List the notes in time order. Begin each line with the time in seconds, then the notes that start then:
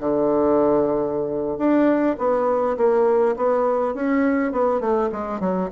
0.00 D3
1.58 D4
2.19 B3
2.77 A#3
3.37 B3
3.95 C#4
4.52 B3
4.81 A3
5.12 G#3
5.40 F#3